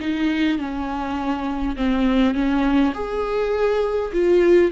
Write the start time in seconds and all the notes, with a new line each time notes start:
0.00 D#4
0.59 C#4
1.76 C4
2.34 C#4
2.94 G#4
4.13 F4